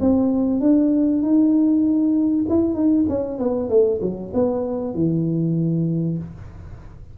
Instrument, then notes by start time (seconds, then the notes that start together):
tuba
0.00 C4
0.60 D4
1.22 D#4
2.49 E4
2.74 D#4
3.08 C#4
3.38 B3
3.69 A3
4.01 F#3
4.34 B3
4.94 E3